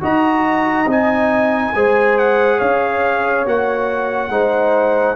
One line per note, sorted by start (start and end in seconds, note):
0.00 0.86 D#4
0.00 0.86 F#4
0.00 1.74 D#5
0.00 0.90 A#5
0.86 1.71 C4
0.86 1.73 D#4
0.86 2.18 G#5
1.75 2.60 G#3
1.75 3.46 G#4
1.75 2.58 C5
2.18 2.59 F#5
2.58 3.46 C#4
2.58 4.29 C#5
2.58 3.45 F5
3.46 4.29 A#3
3.46 4.31 F#4
3.46 5.15 F#5
4.29 5.14 G#3
4.29 5.15 D#4
4.29 5.15 C5